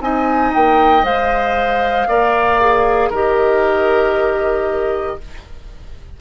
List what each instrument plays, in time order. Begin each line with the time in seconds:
0.00 bassoon C4, clarinet D#4, oboe D#5, flute G#5
0.54 bassoon A#3, flute G5
1.03 bassoon G#3, clarinet C5, flute F5
2.08 bassoon A#3, clarinet A#4, oboe D5
2.60 clarinet G#4
3.09 bassoon D#3, clarinet G4, oboe A#4, flute D#5